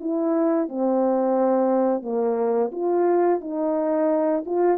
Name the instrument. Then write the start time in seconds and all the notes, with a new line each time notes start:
horn
0.00 E4
0.69 C4
2.02 A#3
2.71 F4
3.40 D#4
4.46 F4